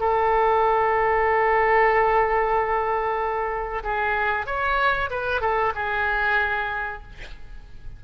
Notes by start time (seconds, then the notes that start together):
0.00 A4
3.83 G#4
4.46 C#5
5.10 B4
5.41 A4
5.75 G#4